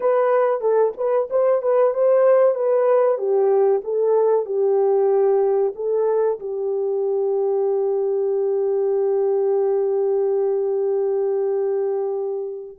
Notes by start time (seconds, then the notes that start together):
0.00 B4
0.60 A4
0.97 B4
1.30 C5
1.62 B4
1.94 C5
2.54 B4
3.17 G4
3.84 A4
4.45 G4
5.75 A4
6.39 G4